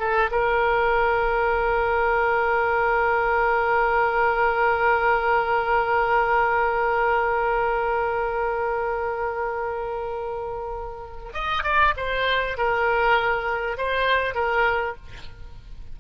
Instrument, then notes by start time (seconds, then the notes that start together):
oboe
0.00 A4
0.31 A#4
11.34 D#5
11.64 D5
11.97 C5
12.58 A#4
13.78 C5
14.35 A#4